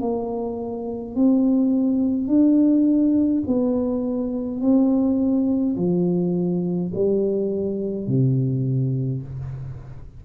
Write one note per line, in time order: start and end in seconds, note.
0.00 1.15 A#3
1.15 2.27 C4
2.27 3.42 D4
3.47 4.60 B3
4.60 5.76 C4
5.76 6.92 F3
6.94 8.07 G3
8.07 9.23 C3